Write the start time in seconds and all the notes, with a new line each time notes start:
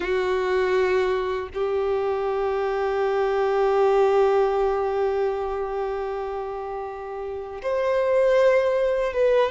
0.00 F#4
1.54 G4
7.62 C5
9.13 B4